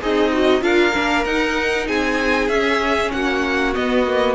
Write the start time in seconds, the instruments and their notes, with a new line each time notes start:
0.00 cello C4, violin D#4 D#5, viola G#4
0.32 viola F#4
0.61 cello D4, viola F4, violin A#4 F5
0.93 cello A#3, viola D4
1.24 cello D#4, viola D#4, violin F#5
1.87 cello C4, violin G#4 G#5
2.48 cello C#4, viola C#4, violin E5
3.11 cello A#3, violin F#4 F#5
3.74 viola B3, cello B3, violin D#5
4.07 viola A#3